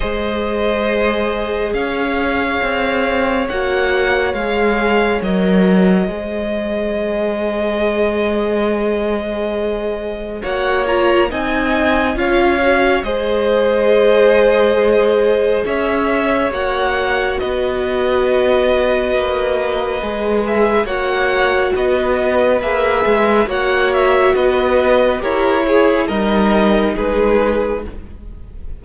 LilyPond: <<
  \new Staff \with { instrumentName = "violin" } { \time 4/4 \tempo 4 = 69 dis''2 f''2 | fis''4 f''4 dis''2~ | dis''1 | fis''8 ais''8 gis''4 f''4 dis''4~ |
dis''2 e''4 fis''4 | dis''2.~ dis''8 e''8 | fis''4 dis''4 e''4 fis''8 e''8 | dis''4 cis''4 dis''4 b'4 | }
  \new Staff \with { instrumentName = "violin" } { \time 4/4 c''2 cis''2~ | cis''2. c''4~ | c''1 | cis''4 dis''4 cis''4 c''4~ |
c''2 cis''2 | b'1 | cis''4 b'2 cis''4 | b'4 ais'8 gis'8 ais'4 gis'4 | }
  \new Staff \with { instrumentName = "viola" } { \time 4/4 gis'1 | fis'4 gis'4 ais'4 gis'4~ | gis'1 | fis'8 f'8 dis'4 f'8 fis'8 gis'4~ |
gis'2. fis'4~ | fis'2. gis'4 | fis'2 gis'4 fis'4~ | fis'4 g'8 gis'8 dis'2 | }
  \new Staff \with { instrumentName = "cello" } { \time 4/4 gis2 cis'4 c'4 | ais4 gis4 fis4 gis4~ | gis1 | ais4 c'4 cis'4 gis4~ |
gis2 cis'4 ais4 | b2 ais4 gis4 | ais4 b4 ais8 gis8 ais4 | b4 e'4 g4 gis4 | }
>>